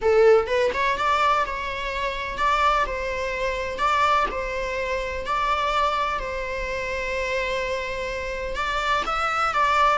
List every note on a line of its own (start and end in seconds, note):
0.01 0.46 A4
0.46 0.70 B4
0.73 0.97 C#5
0.97 1.45 D5
1.46 2.37 C#5
2.37 2.85 D5
2.86 3.78 C5
3.78 4.26 D5
4.31 5.26 C5
5.26 6.19 D5
6.19 8.55 C5
8.55 9.03 D5
9.06 9.53 E5
9.53 9.98 D5